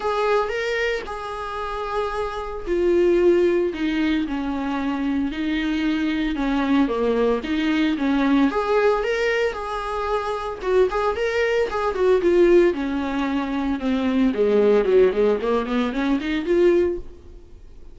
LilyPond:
\new Staff \with { instrumentName = "viola" } { \time 4/4 \tempo 4 = 113 gis'4 ais'4 gis'2~ | gis'4 f'2 dis'4 | cis'2 dis'2 | cis'4 ais4 dis'4 cis'4 |
gis'4 ais'4 gis'2 | fis'8 gis'8 ais'4 gis'8 fis'8 f'4 | cis'2 c'4 gis4 | fis8 gis8 ais8 b8 cis'8 dis'8 f'4 | }